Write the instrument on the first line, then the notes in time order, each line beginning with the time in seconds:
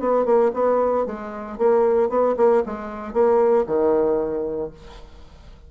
bassoon
0.00 B3
0.26 A#3
0.54 B3
1.06 G#3
1.59 A#3
2.10 B3
2.37 A#3
2.67 G#3
3.14 A#3
3.67 D#3